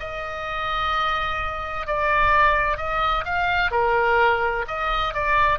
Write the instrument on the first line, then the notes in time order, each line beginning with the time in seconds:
oboe
0.00 D#5
1.87 D5
2.77 D#5
3.25 F5
3.72 A#4
4.68 D#5
5.14 D5